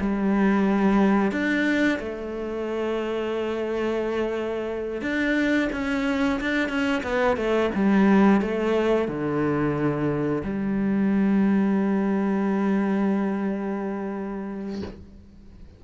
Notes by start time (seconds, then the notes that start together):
0.00 G3
1.31 D4
1.99 A3
5.01 D4
5.72 C#4
6.40 D4
6.69 C#4
7.03 B3
7.37 A3
7.75 G3
8.41 A3
9.08 D3
10.43 G3